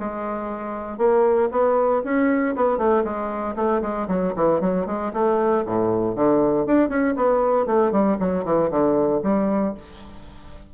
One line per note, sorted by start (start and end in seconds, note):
0.00 0.98 G#3
0.98 1.49 A#3
1.52 2.03 B3
2.05 2.56 C#4
2.56 2.78 B3
2.78 3.04 A3
3.05 3.56 G#3
3.56 3.82 A3
3.82 4.08 G#3
4.08 4.34 F#3
4.36 4.61 E3
4.61 4.87 F#3
4.87 5.12 G#3
5.14 5.65 A3
5.66 6.16 A2
6.16 6.67 D3
6.67 6.90 D4
6.90 7.15 C#4
7.17 7.67 B3
7.67 7.92 A3
7.92 8.18 G3
8.20 8.45 F#3
8.45 8.71 E3
8.71 9.23 D3
9.24 9.75 G3